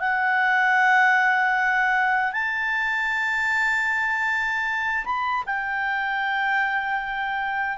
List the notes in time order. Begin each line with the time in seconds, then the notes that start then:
0.00 F#5
2.33 A5
5.05 B5
5.47 G5